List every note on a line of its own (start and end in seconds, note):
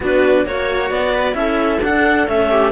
0.00 0.45 B3
0.00 0.46 D4
0.00 0.46 F#4
0.00 0.46 B4
0.45 0.90 A#3
0.45 1.32 F#4
0.45 0.91 C#5
0.45 1.13 C#5
0.90 1.34 B3
0.90 1.35 D5
1.13 1.36 B4
1.32 1.79 C#4
1.32 1.78 E4
1.32 2.50 A4
1.32 1.80 E5
1.80 2.26 D4
1.80 2.27 D4
1.80 2.28 F#5
2.27 2.71 A3
2.27 2.71 C#4
2.27 2.71 E5
2.51 2.71 G4